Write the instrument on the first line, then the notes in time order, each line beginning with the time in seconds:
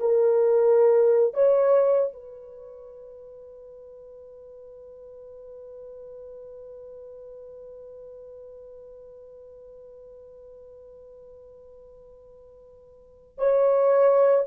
horn
0.00 A#4
1.34 C#5
2.13 B4
13.38 C#5